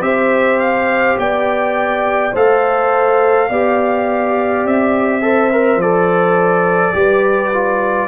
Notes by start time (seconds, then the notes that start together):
0.00 C4 G4 C5 E5
0.59 F5
1.17 B3 D5 G5
2.32 A3 A4 C5 F5
3.49 B3 G4 D5
4.63 C4 E5
5.21 A4 C5
5.52 A#4
5.75 F3 D5
5.81 A4
6.93 G3 G4 B4
7.53 F4